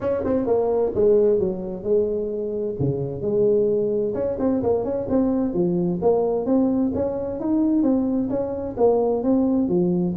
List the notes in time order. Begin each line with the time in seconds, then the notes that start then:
0.00 C#4
0.24 C4
0.46 A#3
0.94 G#3
1.39 F#3
1.83 G#3
2.79 C#3
3.21 G#3
4.14 C#4
4.39 C4
4.62 A#3
4.84 C#4
5.09 C4
5.53 F3
6.01 A#3
6.45 C4
6.94 C#4
7.40 D#4
7.83 C4
8.29 C#4
8.77 A#3
9.23 C4
9.68 F3